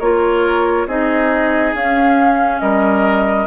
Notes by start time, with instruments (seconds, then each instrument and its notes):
0.00 bassoon A#3, clarinet F4, oboe A#4, flute C#5
0.87 bassoon C4, clarinet D#4, oboe G#4, flute D#5
1.74 bassoon C#4, clarinet C#4, flute F5
2.60 bassoon G3, oboe A#4, flute D#5